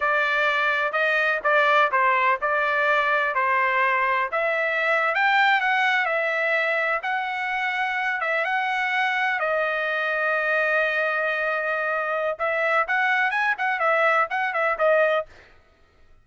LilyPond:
\new Staff \with { instrumentName = "trumpet" } { \time 4/4 \tempo 4 = 126 d''2 dis''4 d''4 | c''4 d''2 c''4~ | c''4 e''4.~ e''16 g''4 fis''16~ | fis''8. e''2 fis''4~ fis''16~ |
fis''4~ fis''16 e''8 fis''2 dis''16~ | dis''1~ | dis''2 e''4 fis''4 | gis''8 fis''8 e''4 fis''8 e''8 dis''4 | }